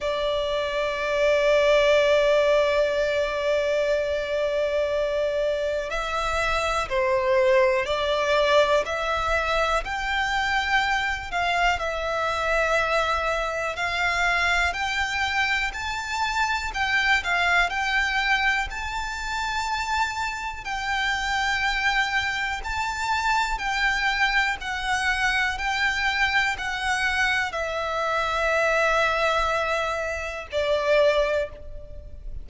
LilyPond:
\new Staff \with { instrumentName = "violin" } { \time 4/4 \tempo 4 = 61 d''1~ | d''2 e''4 c''4 | d''4 e''4 g''4. f''8 | e''2 f''4 g''4 |
a''4 g''8 f''8 g''4 a''4~ | a''4 g''2 a''4 | g''4 fis''4 g''4 fis''4 | e''2. d''4 | }